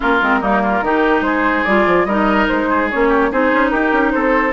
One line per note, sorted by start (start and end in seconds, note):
0.00 0.22 A#3
0.00 0.18 C#4
0.00 0.39 F4
0.00 1.22 A#4
0.21 0.41 G#3
0.21 0.42 C4
0.41 0.81 G3
0.41 0.83 A#3
0.41 0.61 D#4
0.63 0.84 F4
0.81 1.21 D#3
0.81 1.66 D#4
0.81 1.25 G4
1.21 1.62 G#3
1.21 2.07 G#4
1.21 1.63 C5
1.63 1.86 G3
1.63 2.08 F4
1.63 2.05 D5
1.86 2.05 F3
2.05 2.46 G3
2.05 2.91 D#4
2.05 2.68 A#4
2.05 2.46 D#5
2.48 2.92 G#3
2.48 2.89 C5
2.68 3.08 G#4
2.90 3.31 A#3
2.90 3.31 C#4
2.90 3.31 C#5
3.08 3.29 G4
3.31 3.52 C4
3.31 4.53 D#4
3.31 3.71 G#4
3.31 3.69 C5
3.52 3.73 C#4
3.69 3.92 D#4
3.69 4.12 G4
3.69 4.10 A#4
3.92 4.12 C#4
4.11 4.53 C4
4.11 4.53 A4
4.11 4.52 C5